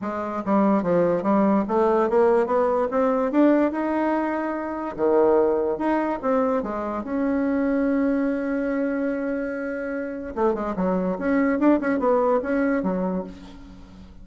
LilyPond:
\new Staff \with { instrumentName = "bassoon" } { \time 4/4 \tempo 4 = 145 gis4 g4 f4 g4 | a4 ais4 b4 c'4 | d'4 dis'2. | dis2 dis'4 c'4 |
gis4 cis'2.~ | cis'1~ | cis'4 a8 gis8 fis4 cis'4 | d'8 cis'8 b4 cis'4 fis4 | }